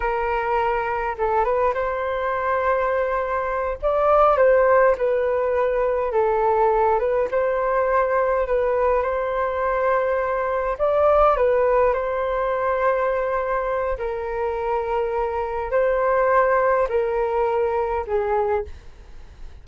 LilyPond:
\new Staff \with { instrumentName = "flute" } { \time 4/4 \tempo 4 = 103 ais'2 a'8 b'8 c''4~ | c''2~ c''8 d''4 c''8~ | c''8 b'2 a'4. | b'8 c''2 b'4 c''8~ |
c''2~ c''8 d''4 b'8~ | b'8 c''2.~ c''8 | ais'2. c''4~ | c''4 ais'2 gis'4 | }